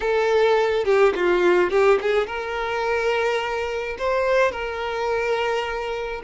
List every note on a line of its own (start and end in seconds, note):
0.00 0.84 A4
0.84 1.13 G4
1.15 1.70 F4
1.70 1.98 G4
2.01 2.26 G#4
2.26 3.96 A#4
3.98 4.51 C5
4.51 6.21 A#4